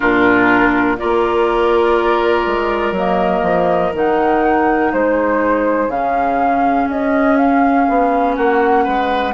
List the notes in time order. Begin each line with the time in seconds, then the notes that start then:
0.00 A#2 D4 F4 A#4
0.98 A#3 F4 A#4 D5
2.46 G#3
2.91 F#3 A#3 D#5
3.42 F3
3.93 D#3 D#4 F#5
4.92 G#3 G#4 C5
5.88 C#3 C#4 F5
6.87 C#4 D#5
7.36 F5
7.89 B3
8.35 A#3 F#4 F#5
8.84 G#3 B4